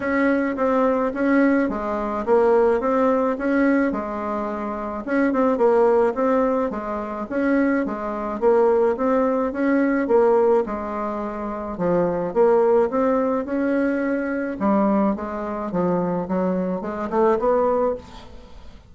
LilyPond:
\new Staff \with { instrumentName = "bassoon" } { \time 4/4 \tempo 4 = 107 cis'4 c'4 cis'4 gis4 | ais4 c'4 cis'4 gis4~ | gis4 cis'8 c'8 ais4 c'4 | gis4 cis'4 gis4 ais4 |
c'4 cis'4 ais4 gis4~ | gis4 f4 ais4 c'4 | cis'2 g4 gis4 | f4 fis4 gis8 a8 b4 | }